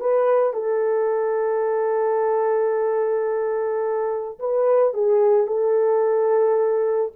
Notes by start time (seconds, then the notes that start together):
0.00 B4
0.53 A4
4.39 B4
4.94 G#4
5.47 A4